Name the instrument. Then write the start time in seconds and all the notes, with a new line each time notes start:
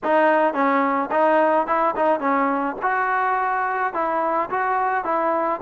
trombone
0.03 D#4
0.53 C#4
1.11 D#4
1.66 E4
1.96 D#4
2.19 C#4
2.82 F#4
3.93 E4
4.49 F#4
5.04 E4